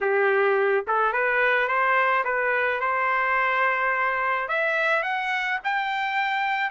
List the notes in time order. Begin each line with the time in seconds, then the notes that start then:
0.01 G4
0.87 A4
1.12 B4
1.67 C5
2.24 B4
2.80 C5
4.48 E5
5.03 F#5
5.64 G5